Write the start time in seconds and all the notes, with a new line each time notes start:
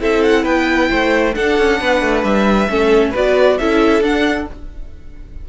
0.00 C4 E4 A4 E5
0.23 F#5
0.43 B3 B4 G5
0.90 A3 C5
1.34 D4 A4 F#5
1.58 C#4
1.81 B3 B4
2.01 A3
2.23 G3 E5
2.69 A3 C#4 A4
3.11 B3 F#4 B4 D5
3.58 C#4 E4 A4 E5
4.01 D4 F#5